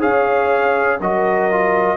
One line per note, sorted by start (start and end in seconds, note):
0.00 1.01 C#4
0.00 0.98 G#4
0.00 0.99 C#5
0.00 1.00 F5
1.00 1.98 F#3
1.00 1.51 F#4
1.00 1.98 A#4
1.00 1.98 D#5
1.51 1.98 F4